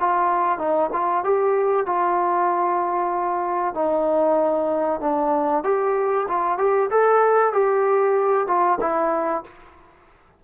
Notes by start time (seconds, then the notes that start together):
0.00 F4
0.59 D#4
0.93 F4
1.24 G4
1.86 F4
3.74 D#4
5.01 D4
5.64 G4
6.28 F4
6.58 G4
6.91 A4
7.53 G4
8.47 F4
8.80 E4